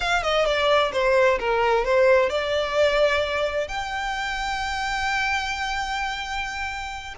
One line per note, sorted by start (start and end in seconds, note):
0.00 0.22 F5
0.22 0.45 D#5
0.45 0.91 D5
0.92 1.38 C5
1.39 1.84 A#4
1.84 2.29 C5
2.29 3.68 D5
3.68 7.14 G5